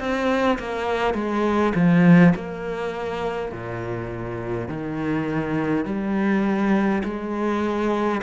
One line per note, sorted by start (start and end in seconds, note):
0.00 0.59 C4
0.59 1.14 A#3
1.14 1.73 G#3
1.76 2.35 F3
2.35 3.52 A#3
3.52 4.68 A#2
4.68 5.86 D#3
5.86 7.03 G3
7.04 8.22 G#3